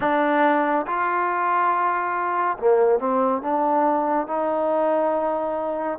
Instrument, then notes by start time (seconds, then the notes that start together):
trombone
0.00 D4
0.86 F4
2.58 A#3
2.99 C4
3.42 D4
4.27 D#4